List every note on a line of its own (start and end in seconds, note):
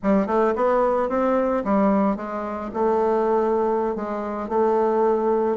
0.02 0.27 G3
0.27 0.54 A3
0.55 1.09 B3
1.09 1.63 C4
1.64 2.16 G3
2.16 2.70 G#3
2.73 3.95 A3
3.95 4.49 G#3
4.49 5.57 A3